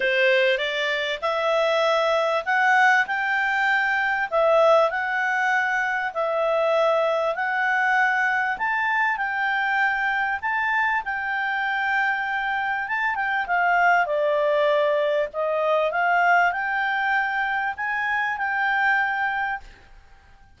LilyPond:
\new Staff \with { instrumentName = "clarinet" } { \time 4/4 \tempo 4 = 98 c''4 d''4 e''2 | fis''4 g''2 e''4 | fis''2 e''2 | fis''2 a''4 g''4~ |
g''4 a''4 g''2~ | g''4 a''8 g''8 f''4 d''4~ | d''4 dis''4 f''4 g''4~ | g''4 gis''4 g''2 | }